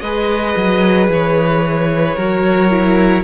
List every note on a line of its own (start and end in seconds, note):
0.00 0.54 G#3
0.00 2.17 G#4
0.00 2.16 B4
0.00 1.07 D#5
0.56 1.09 F#3
1.09 2.16 E3
1.09 3.23 C#5
2.16 3.23 F#3
2.16 2.70 F#4
2.16 3.23 A#4
2.70 3.23 E4